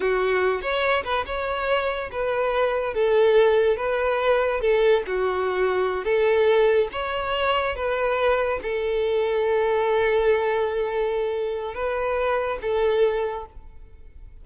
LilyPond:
\new Staff \with { instrumentName = "violin" } { \time 4/4 \tempo 4 = 143 fis'4. cis''4 b'8 cis''4~ | cis''4 b'2 a'4~ | a'4 b'2 a'4 | fis'2~ fis'8 a'4.~ |
a'8 cis''2 b'4.~ | b'8 a'2.~ a'8~ | a'1 | b'2 a'2 | }